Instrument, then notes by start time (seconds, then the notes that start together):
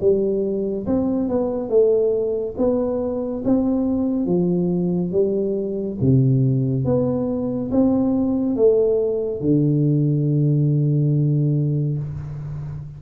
tuba
0.00 G3
0.86 C4
1.28 B3
1.69 A3
2.57 B3
3.44 C4
4.25 F3
5.11 G3
6.00 C3
6.85 B3
7.71 C4
8.56 A3
9.41 D3